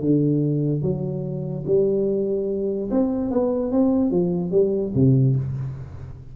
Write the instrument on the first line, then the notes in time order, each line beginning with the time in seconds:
tuba
0.00 D3
0.82 F#3
1.66 G3
2.90 C4
3.31 B3
3.72 C4
4.10 F3
4.51 G3
4.95 C3